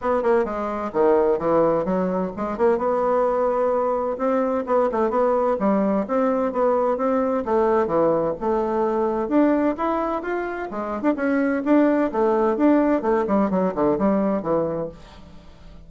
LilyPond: \new Staff \with { instrumentName = "bassoon" } { \time 4/4 \tempo 4 = 129 b8 ais8 gis4 dis4 e4 | fis4 gis8 ais8 b2~ | b4 c'4 b8 a8 b4 | g4 c'4 b4 c'4 |
a4 e4 a2 | d'4 e'4 f'4 gis8. d'16 | cis'4 d'4 a4 d'4 | a8 g8 fis8 d8 g4 e4 | }